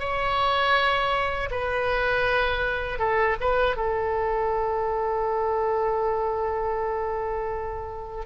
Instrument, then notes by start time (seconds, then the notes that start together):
oboe
0.00 C#5
1.51 B4
2.99 A4
3.41 B4
3.77 A4